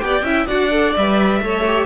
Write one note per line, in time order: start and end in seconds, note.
0.00 0.22 B3
0.00 0.23 G4
0.00 0.47 G5
0.06 0.25 D5
0.22 0.46 C#4
0.22 0.48 E4
0.22 0.47 E5
0.47 0.97 D4
0.47 0.71 F#4
0.47 1.41 D5
0.47 0.94 F#5
0.71 0.95 A4
0.97 1.41 G3
0.97 1.42 B4
0.97 1.87 E5
1.41 1.87 A3
1.41 1.65 A4
1.41 1.87 C#5
1.67 1.87 G4